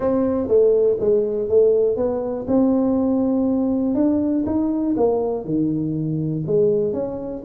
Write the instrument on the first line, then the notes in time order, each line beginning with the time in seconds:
tuba
0.00 C4
0.47 A3
0.99 G#3
1.48 A3
1.96 B3
2.47 C4
3.94 D4
4.45 D#4
4.97 A#3
5.44 D#3
6.46 G#3
6.93 C#4